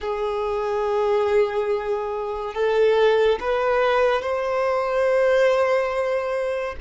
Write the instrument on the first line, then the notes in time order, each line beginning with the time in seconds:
violin
0.00 G#4
2.54 A4
3.40 B4
4.21 C5